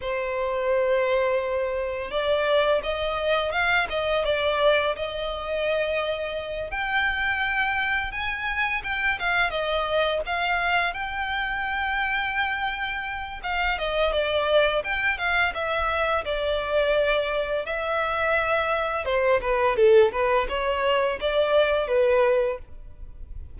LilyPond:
\new Staff \with { instrumentName = "violin" } { \time 4/4 \tempo 4 = 85 c''2. d''4 | dis''4 f''8 dis''8 d''4 dis''4~ | dis''4. g''2 gis''8~ | gis''8 g''8 f''8 dis''4 f''4 g''8~ |
g''2. f''8 dis''8 | d''4 g''8 f''8 e''4 d''4~ | d''4 e''2 c''8 b'8 | a'8 b'8 cis''4 d''4 b'4 | }